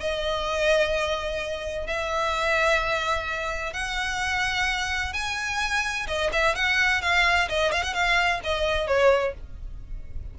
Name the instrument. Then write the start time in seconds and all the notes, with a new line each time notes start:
violin
0.00 D#5
1.87 E5
3.73 F#5
5.13 G#5
6.07 D#5
6.32 E5
6.55 F#5
7.02 F5
7.49 D#5
7.72 F5
7.83 F#5
7.93 F5
8.44 D#5
8.87 C#5